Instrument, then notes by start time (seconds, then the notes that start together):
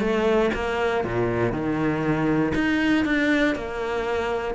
cello
0.00 A3
0.54 A#3
1.05 A#2
1.52 D#3
2.55 D#4
3.05 D4
3.56 A#3